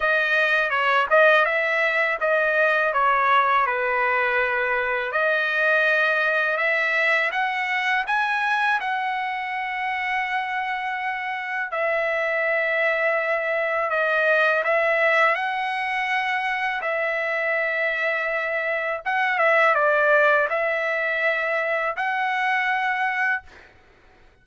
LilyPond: \new Staff \with { instrumentName = "trumpet" } { \time 4/4 \tempo 4 = 82 dis''4 cis''8 dis''8 e''4 dis''4 | cis''4 b'2 dis''4~ | dis''4 e''4 fis''4 gis''4 | fis''1 |
e''2. dis''4 | e''4 fis''2 e''4~ | e''2 fis''8 e''8 d''4 | e''2 fis''2 | }